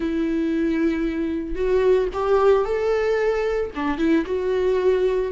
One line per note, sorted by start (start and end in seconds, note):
0.00 1.55 E4
1.55 2.08 F#4
2.13 2.64 G4
2.64 3.70 A4
3.75 3.98 D4
3.98 4.24 E4
4.25 5.31 F#4